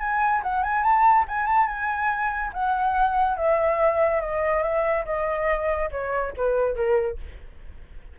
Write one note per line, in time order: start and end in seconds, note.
0.00 0.42 G#5
0.43 0.64 F#5
0.64 0.84 G#5
0.84 1.26 A5
1.28 1.47 G#5
1.47 1.67 A5
1.67 2.52 G#5
2.54 3.37 F#5
3.37 4.21 E5
4.21 4.63 D#5
4.63 5.05 E5
5.06 5.90 D#5
5.92 6.34 C#5
6.37 6.75 B4
6.75 7.18 A#4